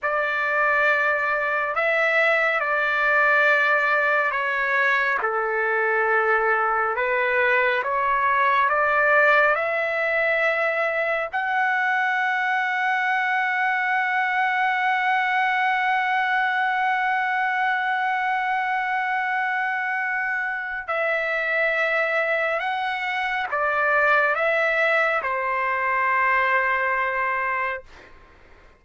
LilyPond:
\new Staff \with { instrumentName = "trumpet" } { \time 4/4 \tempo 4 = 69 d''2 e''4 d''4~ | d''4 cis''4 a'2 | b'4 cis''4 d''4 e''4~ | e''4 fis''2.~ |
fis''1~ | fis''1 | e''2 fis''4 d''4 | e''4 c''2. | }